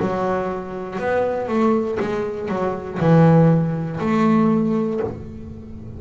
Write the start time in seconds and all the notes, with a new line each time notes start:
0.00 F#3
0.99 B3
1.48 A3
1.99 G#3
2.48 F#3
3.00 E3
4.00 A3